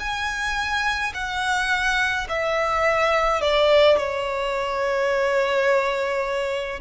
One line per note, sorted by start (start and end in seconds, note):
0.00 1.13 G#5
1.14 2.27 F#5
2.29 3.42 E5
3.42 3.97 D5
3.97 6.80 C#5